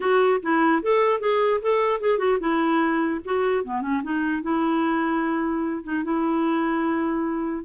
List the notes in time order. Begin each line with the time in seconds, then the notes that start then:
0.00 F#4
0.42 E4
0.82 A4
1.20 G#4
1.61 A4
2.00 G#4
2.18 F#4
2.39 E4
3.24 F#4
3.64 B3
3.81 C#4
4.03 D#4
4.42 E4
5.83 D#4
6.04 E4